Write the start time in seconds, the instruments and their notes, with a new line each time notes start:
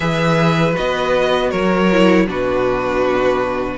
0.00 cello E3, viola G#4, violin B4 E5
0.73 cello B3, viola F#4, violin D#5
1.50 cello F#3, violin A#4 C#5
1.91 viola E4
2.26 cello B2, viola D4, violin F#4 B4